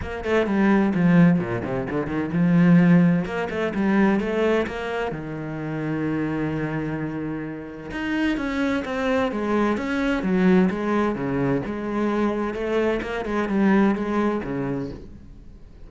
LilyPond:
\new Staff \with { instrumentName = "cello" } { \time 4/4 \tempo 4 = 129 ais8 a8 g4 f4 ais,8 c8 | d8 dis8 f2 ais8 a8 | g4 a4 ais4 dis4~ | dis1~ |
dis4 dis'4 cis'4 c'4 | gis4 cis'4 fis4 gis4 | cis4 gis2 a4 | ais8 gis8 g4 gis4 cis4 | }